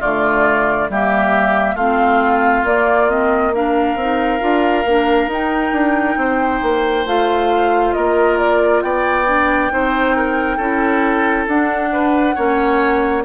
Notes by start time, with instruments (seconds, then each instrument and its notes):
0.00 bassoon D3, clarinet A3, oboe F4, flute D5
0.89 bassoon G3, clarinet A#3, oboe G4, flute E5
1.75 bassoon A3, clarinet C4, oboe F4, flute F5
2.64 bassoon A#3, clarinet A#3, flute D5
3.09 clarinet C4, flute D#5
3.54 clarinet D4, oboe A#4, flute F5
3.95 bassoon C4, clarinet D#4
4.40 bassoon D4, clarinet F4
4.85 bassoon A#3, clarinet D4
5.27 bassoon D#4, clarinet D#4, flute G5
5.72 bassoon D4
6.17 bassoon C4, oboe C5
6.62 bassoon A#3
7.06 bassoon A3, clarinet F4, flute F5
7.94 bassoon A#3, oboe A#4, flute D#5
8.38 flute D5
8.82 bassoon B3, oboe D5, flute G5
9.26 clarinet D4
9.71 bassoon C4, clarinet D#4, oboe C5
10.16 oboe A#4
10.57 bassoon C#4, clarinet E4, oboe A4
11.47 bassoon D4, clarinet D4, flute F#5
11.92 oboe B4
12.35 bassoon A#3, clarinet C#4, oboe C#5